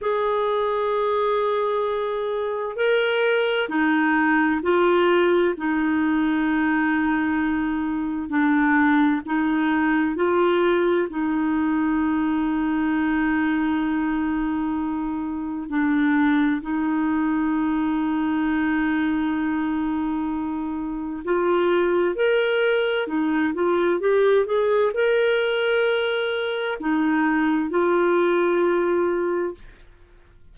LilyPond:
\new Staff \with { instrumentName = "clarinet" } { \time 4/4 \tempo 4 = 65 gis'2. ais'4 | dis'4 f'4 dis'2~ | dis'4 d'4 dis'4 f'4 | dis'1~ |
dis'4 d'4 dis'2~ | dis'2. f'4 | ais'4 dis'8 f'8 g'8 gis'8 ais'4~ | ais'4 dis'4 f'2 | }